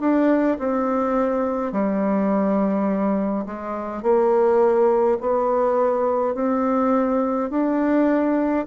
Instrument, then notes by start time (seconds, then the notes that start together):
bassoon
0.00 D4
0.58 C4
1.73 G3
3.46 G#3
4.02 A#3
5.20 B3
6.35 C4
7.50 D4